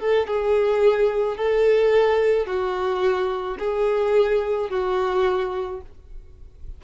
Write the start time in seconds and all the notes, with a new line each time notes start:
0.00 A4
0.27 G#4
1.37 A4
2.46 F#4
3.59 G#4
4.70 F#4